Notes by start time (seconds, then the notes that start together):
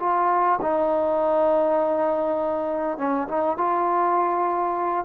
0.00 F4
0.62 D#4
2.98 C#4
3.28 D#4
3.58 F4